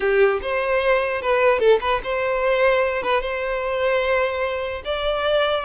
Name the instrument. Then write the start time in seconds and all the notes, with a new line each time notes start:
violin
0.00 G4
0.42 C5
1.21 B4
1.59 A4
1.80 B4
2.03 C5
3.02 B4
3.21 C5
4.84 D5